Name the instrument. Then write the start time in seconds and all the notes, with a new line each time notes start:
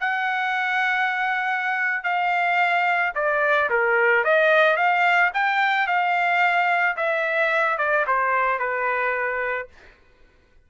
trumpet
0.00 F#5
2.03 F5
3.14 D5
3.70 A#4
4.24 D#5
4.76 F5
5.34 G5
5.87 F5
6.96 E5
7.78 D5
8.07 C5
8.59 B4